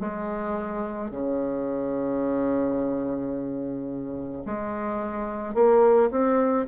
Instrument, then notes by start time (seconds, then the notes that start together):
bassoon
0.00 G#3
1.11 C#3
4.46 G#3
5.55 A#3
6.11 C4